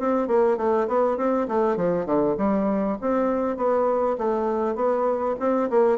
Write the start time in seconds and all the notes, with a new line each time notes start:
0.00 C4
0.28 A#3
0.58 A3
0.88 B3
1.18 C4
1.48 A3
1.77 F3
2.06 D3
2.38 G3
3.02 C4
3.57 B3
4.18 A3
4.76 B3
5.40 C4
5.71 A#3